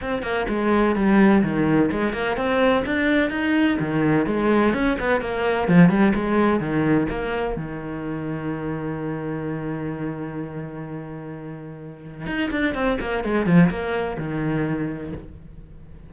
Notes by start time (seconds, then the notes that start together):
0.01 C4
0.22 A#3
0.49 G#3
0.95 G3
1.43 D#3
1.91 G#3
2.13 A#3
2.36 C4
2.85 D4
3.29 D#4
3.79 D#3
4.26 G#3
4.73 C#4
4.99 B3
5.20 A#3
5.68 F3
5.89 G3
6.15 G#3
6.59 D#3
7.09 A#3
7.56 D#3
12.26 D#4
12.51 D4
12.74 C4
13.00 A#3
13.24 G#3
13.46 F3
13.69 A#3
14.18 D#3